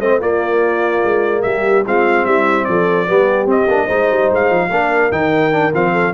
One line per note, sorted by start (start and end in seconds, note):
0.00 0.20 A3
0.00 0.21 C4
0.00 0.20 C5
0.00 0.20 D#5
0.20 1.02 A#3
0.20 1.84 A#3
0.20 1.42 F4
0.20 1.42 D5
1.04 1.45 G#3
1.42 1.86 G3
1.42 1.86 G4
1.42 1.83 E5
1.86 2.25 G#3
1.86 3.07 C4
1.86 2.26 F4
1.86 2.25 F5
2.25 2.66 G3
2.25 2.67 E4
2.25 2.65 E5
2.65 3.09 F3
2.65 3.07 A4
2.65 3.46 D5
3.07 3.46 G3
3.07 3.46 B3
3.07 3.85 G4
3.46 3.66 C4
3.46 3.67 C4
3.46 4.32 D#5
3.67 3.88 A#3
3.67 3.88 D4
3.85 4.10 G#3
3.85 4.70 D#4
3.85 4.67 C5
4.10 4.31 G3
4.31 4.50 G#3
4.31 5.12 F5
4.50 4.69 F3
4.69 5.10 A#3
4.69 5.11 D4
4.69 5.92 A#4
5.11 5.73 D#3
5.11 5.52 D#4
5.11 5.73 G5
5.52 5.72 D4
5.73 6.13 F3
5.73 6.13 C4
5.73 6.13 F5
5.92 6.13 A4